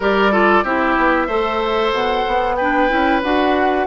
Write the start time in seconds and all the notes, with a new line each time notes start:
0.00 G3 G4 A#4 D5
0.31 F4 A4
0.63 C4 E4 G4 E5
0.97 B3
1.26 A3 A4 C5
1.92 B2 F#5
2.27 B3
2.56 D4 B4 G5
2.89 C#4 E4
3.22 D4 F#4 F#5